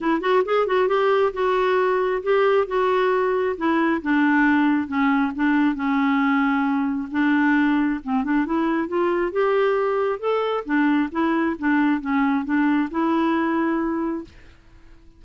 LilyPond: \new Staff \with { instrumentName = "clarinet" } { \time 4/4 \tempo 4 = 135 e'8 fis'8 gis'8 fis'8 g'4 fis'4~ | fis'4 g'4 fis'2 | e'4 d'2 cis'4 | d'4 cis'2. |
d'2 c'8 d'8 e'4 | f'4 g'2 a'4 | d'4 e'4 d'4 cis'4 | d'4 e'2. | }